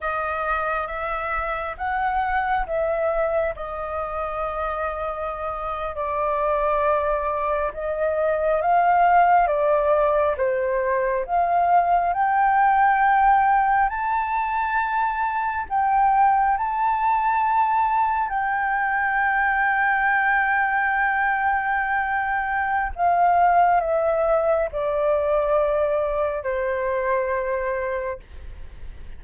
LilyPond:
\new Staff \with { instrumentName = "flute" } { \time 4/4 \tempo 4 = 68 dis''4 e''4 fis''4 e''4 | dis''2~ dis''8. d''4~ d''16~ | d''8. dis''4 f''4 d''4 c''16~ | c''8. f''4 g''2 a''16~ |
a''4.~ a''16 g''4 a''4~ a''16~ | a''8. g''2.~ g''16~ | g''2 f''4 e''4 | d''2 c''2 | }